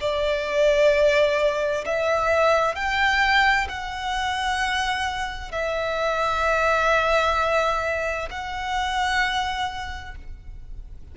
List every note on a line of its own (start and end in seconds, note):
0.00 1.85 D5
1.86 2.75 E5
2.75 3.68 G5
3.69 5.52 F#5
5.52 8.29 E5
8.30 10.15 F#5